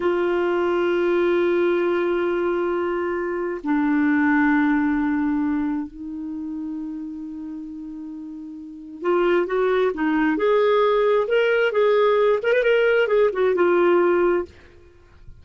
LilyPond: \new Staff \with { instrumentName = "clarinet" } { \time 4/4 \tempo 4 = 133 f'1~ | f'1 | d'1~ | d'4 dis'2.~ |
dis'1 | f'4 fis'4 dis'4 gis'4~ | gis'4 ais'4 gis'4. ais'16 b'16 | ais'4 gis'8 fis'8 f'2 | }